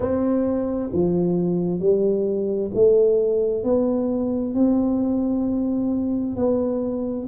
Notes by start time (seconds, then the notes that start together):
0.00 C4
0.93 F3
1.79 G3
2.74 A3
3.63 B3
4.54 C4
6.36 B3